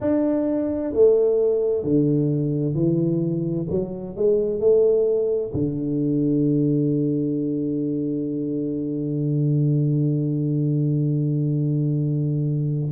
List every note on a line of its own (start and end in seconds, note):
0.00 0.93 D4
0.93 1.83 A3
1.83 2.74 D3
2.74 3.66 E3
3.69 4.15 F#3
4.16 4.59 G#3
4.59 5.52 A3
5.53 12.92 D3